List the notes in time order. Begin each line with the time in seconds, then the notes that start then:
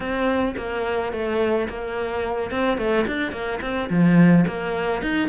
0.00 C4
0.56 A#3
1.12 A3
1.68 A#3
2.51 C4
2.77 A3
3.06 D4
3.32 A#3
3.61 C4
3.89 F3
4.47 A#3
5.02 D#4